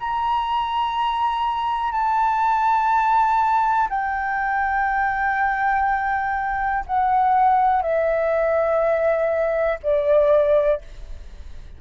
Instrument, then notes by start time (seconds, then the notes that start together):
flute
0.00 A#5
1.92 A5
3.90 G5
6.87 F#5
7.82 E5
9.83 D5